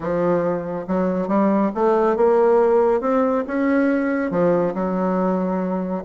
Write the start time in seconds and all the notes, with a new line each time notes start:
0.00 F3
0.87 F#3
1.28 G3
1.75 A3
2.16 A#3
3.00 C4
3.47 C#4
4.30 F3
4.74 F#3